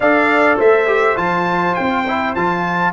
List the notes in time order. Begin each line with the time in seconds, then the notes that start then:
0.00 D4 A4 D5 F5
0.57 A3 C5 E5
0.87 G4
1.16 F3 F4 A5
1.74 C4 G5
2.07 E4
2.35 F3 F4 A5